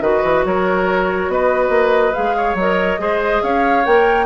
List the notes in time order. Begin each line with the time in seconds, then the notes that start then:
0.00 D#3 F#4 B4 D#5
0.23 E3
0.45 F#3 A#4 C#5
1.28 B3 B4 D#5
1.69 A#3
2.13 G#3 G#4 F5
2.36 C#5
2.54 F#3 A#4 D#5
2.98 G#3 G#4 C5
3.42 C#4 C#5 F5
3.84 A#3 A#4 G5